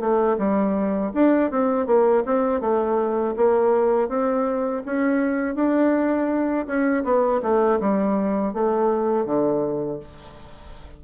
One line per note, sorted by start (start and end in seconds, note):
0.00 0.37 A3
0.38 1.12 G3
1.14 1.51 D4
1.51 1.86 C4
1.86 2.23 A#3
2.25 2.61 C4
2.61 3.35 A3
3.36 4.08 A#3
4.08 4.82 C4
4.86 5.55 C#4
5.55 6.66 D4
6.67 7.04 C#4
7.04 7.41 B3
7.42 7.79 A3
7.80 8.54 G3
8.54 9.26 A3
9.26 10.00 D3